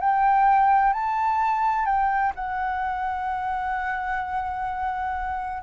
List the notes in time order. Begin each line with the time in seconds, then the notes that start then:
0.00 G5
0.93 A5
1.85 G5
2.35 F#5